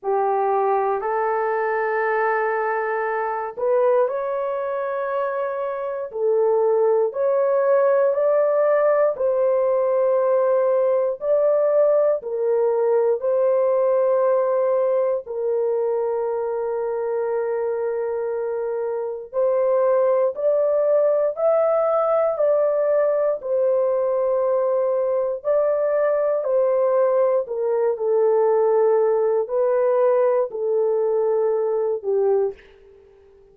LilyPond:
\new Staff \with { instrumentName = "horn" } { \time 4/4 \tempo 4 = 59 g'4 a'2~ a'8 b'8 | cis''2 a'4 cis''4 | d''4 c''2 d''4 | ais'4 c''2 ais'4~ |
ais'2. c''4 | d''4 e''4 d''4 c''4~ | c''4 d''4 c''4 ais'8 a'8~ | a'4 b'4 a'4. g'8 | }